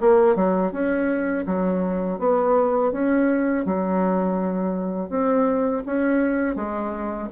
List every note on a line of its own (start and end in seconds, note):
0.00 0.35 A#3
0.35 0.72 F#3
0.72 1.45 C#4
1.46 2.18 F#3
2.18 2.91 B3
2.92 3.65 C#4
3.65 5.09 F#3
5.09 5.82 C4
5.86 6.55 C#4
6.55 7.28 G#3